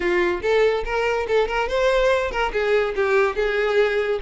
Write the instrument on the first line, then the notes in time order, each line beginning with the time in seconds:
violin
0.00 F4
0.42 A4
0.84 A#4
1.27 A4
1.48 A#4
1.68 C5
2.31 A#4
2.53 G#4
2.95 G4
3.35 G#4